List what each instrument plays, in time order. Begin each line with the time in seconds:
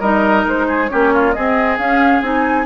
0.00 bassoon G3, clarinet D#4, oboe A#4, flute D#5
0.46 bassoon G#3, flute C5
0.68 oboe G#4
0.88 bassoon A#3, clarinet C#4, oboe G4, flute C#5
1.14 oboe F4
1.33 clarinet C4, bassoon C4, oboe G#4, flute D#5
1.78 bassoon C#4, clarinet C#4, flute F5
2.22 bassoon C4, clarinet D#4, flute G#5